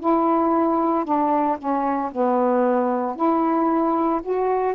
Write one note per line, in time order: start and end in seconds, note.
0.00 1.05 E4
1.05 1.58 D4
1.58 2.11 C#4
2.12 3.16 B3
3.16 4.21 E4
4.23 4.76 F#4